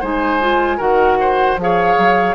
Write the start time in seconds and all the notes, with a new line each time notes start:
0.00 G#3 D#4 C5 G#5
0.41 F4
0.77 D#3 F#4 A#4 F#5
1.20 C5
1.57 F3 G#4 F5
1.63 C#5
1.98 F#3